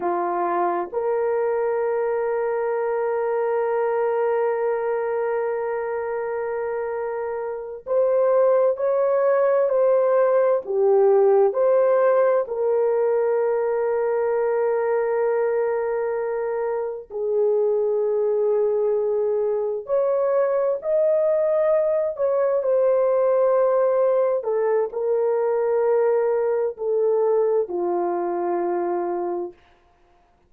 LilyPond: \new Staff \with { instrumentName = "horn" } { \time 4/4 \tempo 4 = 65 f'4 ais'2.~ | ais'1~ | ais'8 c''4 cis''4 c''4 g'8~ | g'8 c''4 ais'2~ ais'8~ |
ais'2~ ais'8 gis'4.~ | gis'4. cis''4 dis''4. | cis''8 c''2 a'8 ais'4~ | ais'4 a'4 f'2 | }